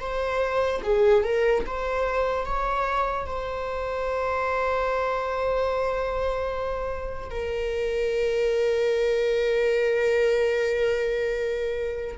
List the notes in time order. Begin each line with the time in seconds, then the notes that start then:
0.00 C5
0.83 G#4
1.23 A#4
1.66 C5
2.45 C#5
3.26 C5
7.30 A#4